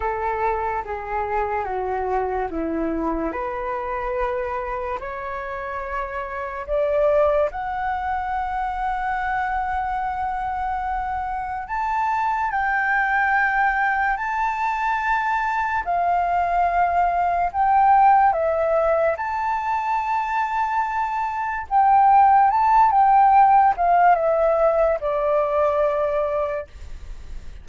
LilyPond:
\new Staff \with { instrumentName = "flute" } { \time 4/4 \tempo 4 = 72 a'4 gis'4 fis'4 e'4 | b'2 cis''2 | d''4 fis''2.~ | fis''2 a''4 g''4~ |
g''4 a''2 f''4~ | f''4 g''4 e''4 a''4~ | a''2 g''4 a''8 g''8~ | g''8 f''8 e''4 d''2 | }